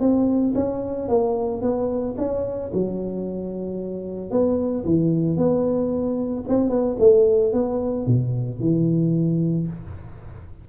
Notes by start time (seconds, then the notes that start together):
0.00 C4
0.55 C#4
1.08 A#3
1.62 B3
2.18 C#4
2.73 F#3
4.31 B3
4.85 E3
5.37 B3
6.48 C4
6.70 B3
6.99 A3
7.53 B3
8.06 B2
8.60 E3